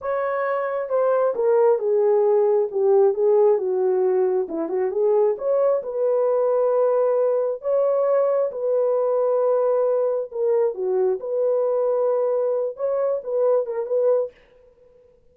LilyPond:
\new Staff \with { instrumentName = "horn" } { \time 4/4 \tempo 4 = 134 cis''2 c''4 ais'4 | gis'2 g'4 gis'4 | fis'2 e'8 fis'8 gis'4 | cis''4 b'2.~ |
b'4 cis''2 b'4~ | b'2. ais'4 | fis'4 b'2.~ | b'8 cis''4 b'4 ais'8 b'4 | }